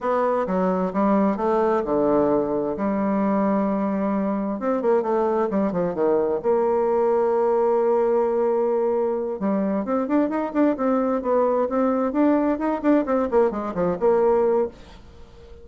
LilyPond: \new Staff \with { instrumentName = "bassoon" } { \time 4/4 \tempo 4 = 131 b4 fis4 g4 a4 | d2 g2~ | g2 c'8 ais8 a4 | g8 f8 dis4 ais2~ |
ais1~ | ais8 g4 c'8 d'8 dis'8 d'8 c'8~ | c'8 b4 c'4 d'4 dis'8 | d'8 c'8 ais8 gis8 f8 ais4. | }